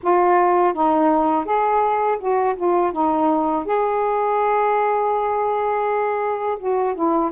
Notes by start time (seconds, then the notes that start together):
0.02 F4
0.73 D#4
1.45 G#4
2.19 F#4
2.56 F4
2.92 D#4
3.65 G#4
6.59 F#4
6.94 E4